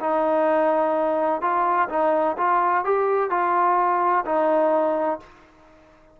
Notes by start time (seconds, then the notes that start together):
0.00 D#4
1.41 F4
1.89 D#4
2.37 F4
2.84 G4
3.30 F4
4.25 D#4